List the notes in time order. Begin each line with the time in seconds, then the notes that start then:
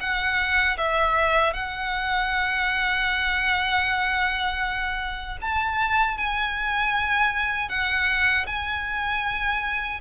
0.00 F#5
0.77 E5
1.53 F#5
5.41 A5
6.17 G#5
7.69 F#5
8.47 G#5